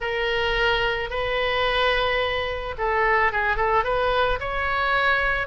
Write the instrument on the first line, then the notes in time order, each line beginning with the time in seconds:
oboe
0.00 A#4
1.10 B4
2.77 A4
3.32 G#4
3.56 A4
3.84 B4
4.39 C#5